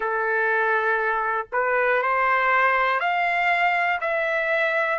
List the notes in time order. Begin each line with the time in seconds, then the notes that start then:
0.00 A4
1.52 B4
2.02 C5
3.00 F5
4.00 E5